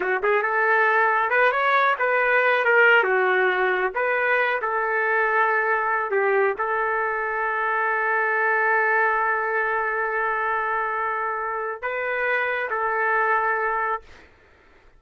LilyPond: \new Staff \with { instrumentName = "trumpet" } { \time 4/4 \tempo 4 = 137 fis'8 gis'8 a'2 b'8 cis''8~ | cis''8 b'4. ais'4 fis'4~ | fis'4 b'4. a'4.~ | a'2 g'4 a'4~ |
a'1~ | a'1~ | a'2. b'4~ | b'4 a'2. | }